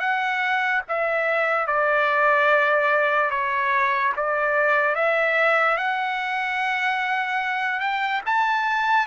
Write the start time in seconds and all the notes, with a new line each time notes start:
0.00 F#5
0.88 E5
1.67 D5
3.30 C#5
4.16 D5
4.95 E5
5.77 F#5
7.80 G5
8.26 A5